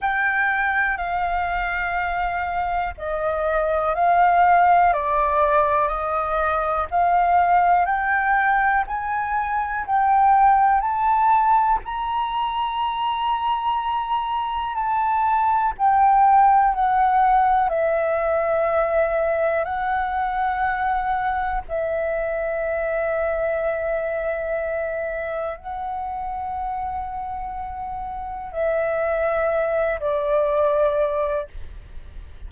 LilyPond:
\new Staff \with { instrumentName = "flute" } { \time 4/4 \tempo 4 = 61 g''4 f''2 dis''4 | f''4 d''4 dis''4 f''4 | g''4 gis''4 g''4 a''4 | ais''2. a''4 |
g''4 fis''4 e''2 | fis''2 e''2~ | e''2 fis''2~ | fis''4 e''4. d''4. | }